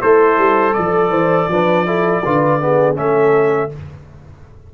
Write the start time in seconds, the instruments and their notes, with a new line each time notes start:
0.00 tuba A3, horn E4, trombone A4, trumpet C5
0.37 tuba G3
0.74 tuba F3, horn A4, trumpet D5
1.10 tuba E3, horn C5
1.49 tuba F3, trombone D4, horn B4
1.86 trombone E4, horn A4
2.25 tuba D3, trombone F4, horn B4
2.61 trombone B3, horn G#4
2.95 tuba A3, trombone C#4, horn A4, trumpet E5